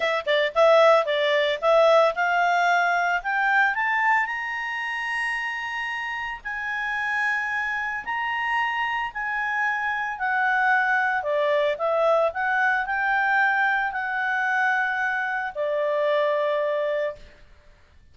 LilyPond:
\new Staff \with { instrumentName = "clarinet" } { \time 4/4 \tempo 4 = 112 e''8 d''8 e''4 d''4 e''4 | f''2 g''4 a''4 | ais''1 | gis''2. ais''4~ |
ais''4 gis''2 fis''4~ | fis''4 d''4 e''4 fis''4 | g''2 fis''2~ | fis''4 d''2. | }